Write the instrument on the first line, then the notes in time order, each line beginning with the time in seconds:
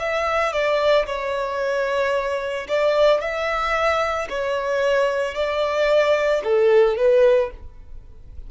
violin
0.00 E5
0.53 D5
1.07 C#5
2.68 D5
3.21 E5
4.30 C#5
5.35 D5
6.44 A4
6.97 B4